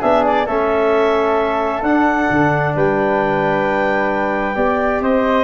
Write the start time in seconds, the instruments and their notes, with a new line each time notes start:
0.00 tuba B3, trombone D4, flute G#4, clarinet E5
0.25 clarinet D5
0.46 tuba A3, trombone C#4, flute A4, clarinet E5
1.82 tuba D4, trombone D4, clarinet F#5
2.30 tuba D3
2.75 tuba G3, flute B4, clarinet G5
4.54 tuba B3, trombone G4, flute D5
5.01 tuba C4, flute C5, clarinet D#5